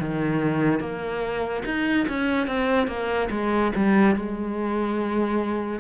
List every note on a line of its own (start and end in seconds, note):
0.00 0.80 D#3
0.80 1.63 A#3
1.65 2.07 D#4
2.08 2.47 C#4
2.47 2.87 C4
2.87 3.29 A#3
3.30 3.72 G#3
3.76 4.16 G3
4.16 5.80 G#3